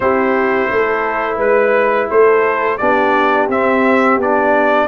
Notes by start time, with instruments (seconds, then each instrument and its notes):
0.00 tuba C4, trombone E4, horn G4, trumpet C5
0.70 tuba A3, horn A4
1.36 tuba G#3, horn B4, trumpet B4
2.10 tuba A3, horn A4, trumpet C5
2.77 tuba B3, trombone D4, horn G4, trumpet D5
3.48 tuba C4, trombone C4, trumpet E5
4.17 tuba B3, trombone D4, trumpet D5